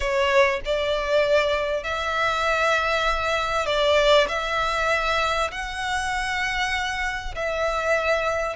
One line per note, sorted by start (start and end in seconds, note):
0.00 0.60 C#5
0.65 1.83 D5
1.83 3.66 E5
3.66 4.27 D5
4.28 5.50 E5
5.51 7.34 F#5
7.35 8.56 E5